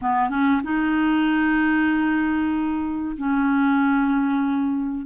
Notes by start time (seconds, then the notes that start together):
0.01 B3
0.29 C#4
0.63 D#4
3.17 C#4